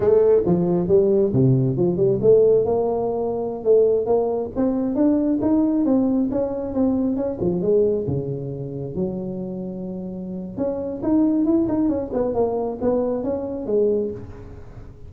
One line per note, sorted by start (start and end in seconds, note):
0.00 0.42 A3
0.46 0.87 F3
0.87 1.32 G3
1.33 1.76 C3
1.76 1.97 F3
1.97 2.19 G3
2.21 2.65 A3
2.65 3.64 A#3
3.64 4.05 A3
4.05 4.50 A#3
4.56 4.95 C4
4.95 5.39 D4
5.41 5.85 D#4
5.85 6.29 C4
6.31 6.73 C#4
6.73 7.16 C4
7.16 7.38 C#4
7.40 7.61 F3
7.61 8.05 G#3
8.07 8.95 C#3
8.95 10.57 F#3
10.57 11.01 C#4
11.03 11.45 D#4
11.45 11.67 E4
11.68 11.89 D#4
11.89 12.11 C#4
12.13 12.34 B3
12.34 12.78 A#3
12.81 13.23 B3
13.23 13.66 C#4
13.66 14.10 G#3